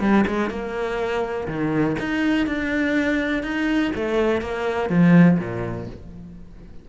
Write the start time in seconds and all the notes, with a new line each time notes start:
0.00 G3
0.27 G#3
0.50 A#3
1.47 D#3
1.99 D#4
2.46 D4
3.43 D#4
3.95 A3
4.41 A#3
4.89 F3
5.38 A#2